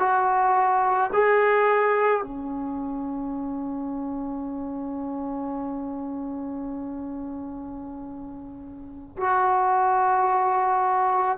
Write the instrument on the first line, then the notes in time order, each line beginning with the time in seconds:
trombone
0.00 F#4
1.14 G#4
2.23 C#4
9.17 F#4